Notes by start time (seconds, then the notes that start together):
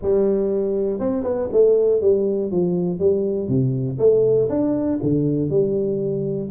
0.02 G3
0.99 C4
1.23 B3
1.52 A3
2.01 G3
2.51 F3
2.99 G3
3.48 C3
3.98 A3
4.49 D4
5.02 D3
5.50 G3